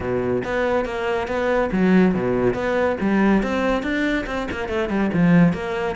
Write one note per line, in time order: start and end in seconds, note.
0.00 0.43 B2
0.44 0.85 B3
0.85 1.27 A#3
1.27 1.70 B3
1.72 2.14 F#3
2.14 2.53 B2
2.53 2.96 B3
3.00 3.42 G3
3.42 3.82 C4
3.82 4.25 D4
4.26 4.47 C4
4.51 4.68 A#3
4.68 4.89 A3
4.89 5.10 G3
5.13 5.53 F3
5.53 5.95 A#3